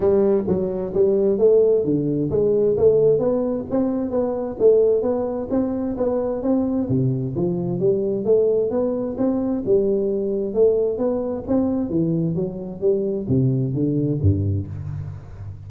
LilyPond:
\new Staff \with { instrumentName = "tuba" } { \time 4/4 \tempo 4 = 131 g4 fis4 g4 a4 | d4 gis4 a4 b4 | c'4 b4 a4 b4 | c'4 b4 c'4 c4 |
f4 g4 a4 b4 | c'4 g2 a4 | b4 c'4 e4 fis4 | g4 c4 d4 g,4 | }